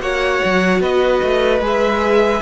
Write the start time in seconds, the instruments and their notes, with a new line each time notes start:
0.00 cello A#3, viola F#4, violin C#5 F#5
0.45 cello F#3
0.80 cello B3, violin B4 D#5
1.23 cello A3
1.60 cello G#3, viola G#4
1.67 violin E5